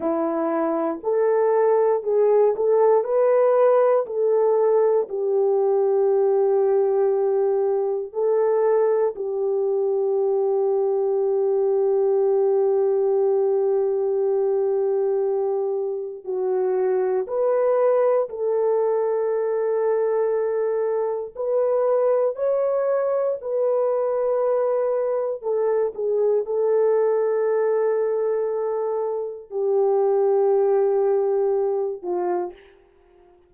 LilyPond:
\new Staff \with { instrumentName = "horn" } { \time 4/4 \tempo 4 = 59 e'4 a'4 gis'8 a'8 b'4 | a'4 g'2. | a'4 g'2.~ | g'1 |
fis'4 b'4 a'2~ | a'4 b'4 cis''4 b'4~ | b'4 a'8 gis'8 a'2~ | a'4 g'2~ g'8 f'8 | }